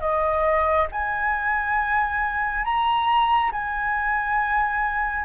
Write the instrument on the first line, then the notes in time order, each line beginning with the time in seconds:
flute
0.00 D#5
0.92 G#5
2.64 A#5
3.51 G#5